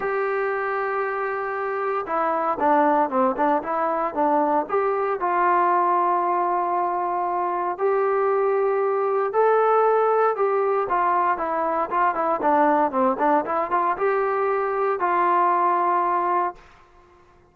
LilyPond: \new Staff \with { instrumentName = "trombone" } { \time 4/4 \tempo 4 = 116 g'1 | e'4 d'4 c'8 d'8 e'4 | d'4 g'4 f'2~ | f'2. g'4~ |
g'2 a'2 | g'4 f'4 e'4 f'8 e'8 | d'4 c'8 d'8 e'8 f'8 g'4~ | g'4 f'2. | }